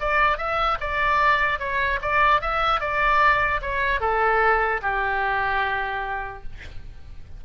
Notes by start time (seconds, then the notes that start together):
0.00 D5
0.38 E5
0.81 D5
1.59 C#5
2.02 D5
2.41 E5
2.81 D5
3.62 C#5
4.00 A4
4.82 G4